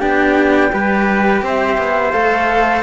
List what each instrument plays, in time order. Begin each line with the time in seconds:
0.00 cello B3 D4, trumpet G4, flute G5
0.72 cello G3 G4, trumpet B4
1.43 cello C4, trumpet C5, flute E5
1.78 cello B3
2.12 cello A3 A4, flute F5